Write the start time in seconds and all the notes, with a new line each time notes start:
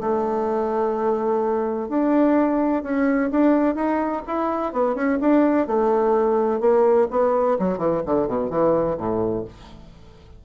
0.00 A3
1.89 D4
2.83 C#4
3.31 D4
3.75 D#4
4.27 E4
4.73 B3
4.95 C#4
5.20 D4
5.67 A3
6.60 A#3
7.11 B3
7.59 F#3
7.78 E3
8.06 D3
8.27 B2
8.50 E3
8.97 A2